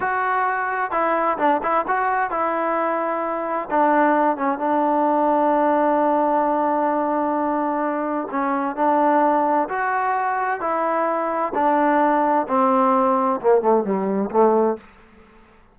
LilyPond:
\new Staff \with { instrumentName = "trombone" } { \time 4/4 \tempo 4 = 130 fis'2 e'4 d'8 e'8 | fis'4 e'2. | d'4. cis'8 d'2~ | d'1~ |
d'2 cis'4 d'4~ | d'4 fis'2 e'4~ | e'4 d'2 c'4~ | c'4 ais8 a8 g4 a4 | }